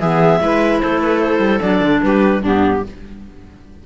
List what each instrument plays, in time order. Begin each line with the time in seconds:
0.00 cello E3, clarinet B3 E5, viola G#4
0.40 cello G#3, clarinet E4, viola B4
0.79 cello A3, viola A4, clarinet C5
1.02 clarinet B4
1.19 clarinet C5
1.39 cello G3
1.61 cello F#3, clarinet D4 D5
1.81 cello D3
2.03 cello G3, viola G4, clarinet B4
2.42 cello G2, clarinet B3 G4, viola D4